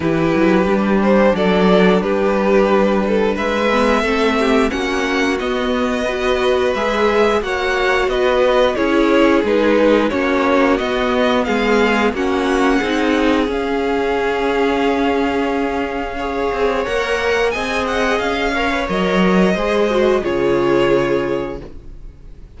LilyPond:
<<
  \new Staff \with { instrumentName = "violin" } { \time 4/4 \tempo 4 = 89 b'4. c''8 d''4 b'4~ | b'4 e''2 fis''4 | dis''2 e''4 fis''4 | dis''4 cis''4 b'4 cis''4 |
dis''4 f''4 fis''2 | f''1~ | f''4 fis''4 gis''8 fis''8 f''4 | dis''2 cis''2 | }
  \new Staff \with { instrumentName = "violin" } { \time 4/4 g'2 a'4 g'4~ | g'8 a'8 b'4 a'8 g'8 fis'4~ | fis'4 b'2 cis''4 | b'4 gis'2 fis'4~ |
fis'4 gis'4 fis'4 gis'4~ | gis'1 | cis''2 dis''4. cis''8~ | cis''4 c''4 gis'2 | }
  \new Staff \with { instrumentName = "viola" } { \time 4/4 e'4 d'2.~ | d'4. b8 c'4 cis'4 | b4 fis'4 gis'4 fis'4~ | fis'4 e'4 dis'4 cis'4 |
b2 cis'4 dis'4 | cis'1 | gis'4 ais'4 gis'4. ais'16 b'16 | ais'4 gis'8 fis'8 f'2 | }
  \new Staff \with { instrumentName = "cello" } { \time 4/4 e8 fis8 g4 fis4 g4~ | g4 gis4 a4 ais4 | b2 gis4 ais4 | b4 cis'4 gis4 ais4 |
b4 gis4 ais4 c'4 | cis'1~ | cis'8 c'8 ais4 c'4 cis'4 | fis4 gis4 cis2 | }
>>